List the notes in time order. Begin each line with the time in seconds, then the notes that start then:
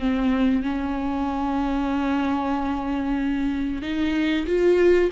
0.00 C4
0.63 C#4
3.82 D#4
4.47 F4